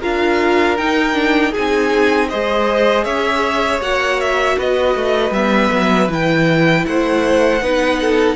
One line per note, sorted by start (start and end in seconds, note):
0.00 0.78 D4
0.00 0.77 F4
0.00 1.51 A#4
0.00 0.77 F5
0.77 1.13 D#4
0.77 1.54 D#4
0.77 1.53 G5
1.13 1.51 D4
1.51 2.33 C4
1.51 2.31 D#4
1.51 2.27 G#4
1.51 2.29 G#5
2.29 3.05 G#3
2.29 3.81 G#4
2.29 3.04 C5
2.29 3.04 D#5
3.04 3.80 C#4
3.04 4.56 C#5
3.04 3.80 E5
3.80 4.56 A#3
3.80 5.33 F#4
3.80 4.20 F#5
4.20 4.58 E5
4.57 4.95 B3
4.57 6.85 B4
4.57 5.32 D#5
4.95 5.30 A3
5.30 5.68 G3
5.30 6.08 B3
5.30 6.08 E5
5.72 6.08 F#3
6.08 6.84 E3
6.08 7.60 E4
6.08 6.85 G5
6.85 7.61 A3
6.85 7.62 C5
6.85 8.36 F#5
7.61 8.36 B3
7.61 8.36 D#4
7.61 8.00 B4
8.01 8.36 A4